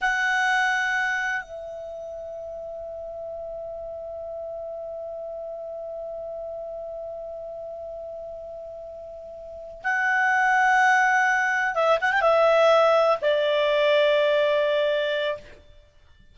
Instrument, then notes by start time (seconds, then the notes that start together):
clarinet
0.01 F#5
1.42 E5
9.83 F#5
11.74 E5
12.00 F#5
12.12 G5
12.21 E5
13.21 D5